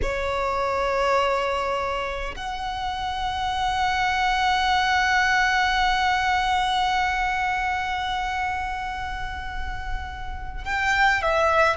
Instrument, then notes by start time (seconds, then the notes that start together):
violin
0.02 C#5
2.35 F#5
10.64 G5
11.21 E5